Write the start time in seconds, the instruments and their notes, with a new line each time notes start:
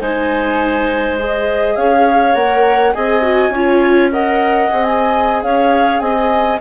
0.00 bassoon G#3, viola D#4, clarinet C5, flute G#5
1.20 viola G#4, flute D#5
1.77 bassoon C#4, clarinet C#5, flute F5
2.35 bassoon A#3, viola A#4, flute F#5
2.93 bassoon C4, viola G#4, clarinet D#5, flute G#5
3.23 viola F#4
3.50 bassoon C#4, clarinet C#5
3.56 viola F4
4.12 viola A#4, clarinet D#5, flute F#5
4.70 bassoon C4, viola G#4
4.84 flute G#5
5.43 bassoon C#4, clarinet C#5, flute F5
6.00 bassoon C4, clarinet D#5, flute G#5